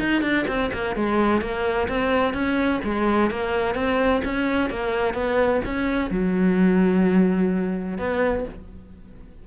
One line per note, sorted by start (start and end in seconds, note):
0.00 0.22 D#4
0.22 0.46 D4
0.48 0.71 C4
0.73 0.96 A#3
0.96 1.41 G#3
1.41 1.88 A#3
1.89 2.34 C4
2.34 2.81 C#4
2.84 3.31 G#3
3.31 3.75 A#3
3.75 4.22 C4
4.25 4.70 C#4
4.70 5.14 A#3
5.14 5.61 B3
5.66 6.11 C#4
6.11 7.98 F#3
7.98 8.45 B3